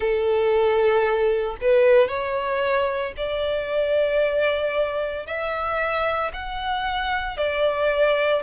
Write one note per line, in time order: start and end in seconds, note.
0.00 1.56 A4
1.61 2.08 B4
2.08 3.13 C#5
3.16 5.26 D5
5.26 6.32 E5
6.33 7.37 F#5
7.37 8.42 D5